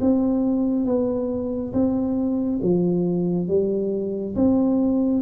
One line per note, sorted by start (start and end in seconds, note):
0.00 0.85 C4
0.85 1.72 B3
1.72 2.59 C4
2.62 3.47 F3
3.47 4.34 G3
4.35 5.22 C4